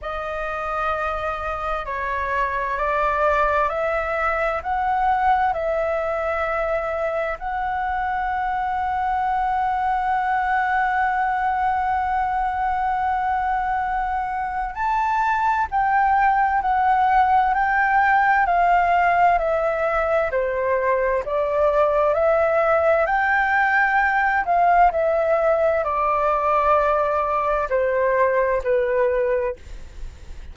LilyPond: \new Staff \with { instrumentName = "flute" } { \time 4/4 \tempo 4 = 65 dis''2 cis''4 d''4 | e''4 fis''4 e''2 | fis''1~ | fis''1 |
a''4 g''4 fis''4 g''4 | f''4 e''4 c''4 d''4 | e''4 g''4. f''8 e''4 | d''2 c''4 b'4 | }